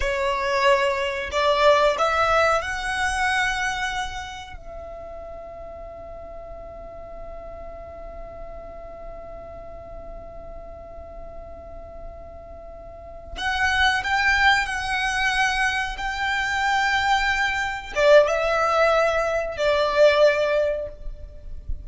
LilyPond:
\new Staff \with { instrumentName = "violin" } { \time 4/4 \tempo 4 = 92 cis''2 d''4 e''4 | fis''2. e''4~ | e''1~ | e''1~ |
e''1~ | e''8 fis''4 g''4 fis''4.~ | fis''8 g''2. d''8 | e''2 d''2 | }